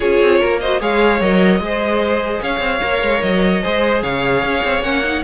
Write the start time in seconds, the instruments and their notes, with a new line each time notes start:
0.00 cello C#4, viola F4, violin G#4 C#5
0.21 cello C4
0.39 cello A#3, violin A#4
0.60 viola F#4, violin C5 D#5
0.80 cello G#3, viola G#4, violin C#5 F5
1.20 cello F#3, viola A#4, violin D#5
1.59 cello G#3, viola G#4, violin C5
2.42 cello C#4, violin C#5 F5
2.59 cello C4
2.82 cello A#3, viola A#4
3.02 cello G#3
3.21 cello F#3, violin D#5
3.62 cello G#3, viola G#4, violin C5
4.02 cello C#3, violin C#5 F5
4.42 cello C#4
4.64 cello C4
4.81 cello A#3, viola C#4, violin F#5
5.04 viola D#4